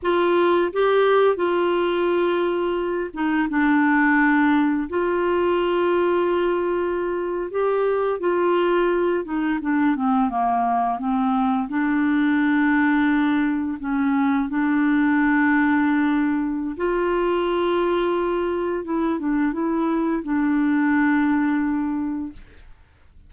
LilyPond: \new Staff \with { instrumentName = "clarinet" } { \time 4/4 \tempo 4 = 86 f'4 g'4 f'2~ | f'8 dis'8 d'2 f'4~ | f'2~ f'8. g'4 f'16~ | f'4~ f'16 dis'8 d'8 c'8 ais4 c'16~ |
c'8. d'2. cis'16~ | cis'8. d'2.~ d'16 | f'2. e'8 d'8 | e'4 d'2. | }